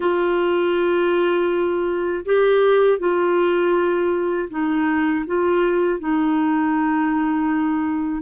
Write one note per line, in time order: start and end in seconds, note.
0.00 2.25 F4
2.25 2.99 G4
2.99 4.49 F4
4.50 5.25 D#4
5.26 5.99 F4
5.99 8.22 D#4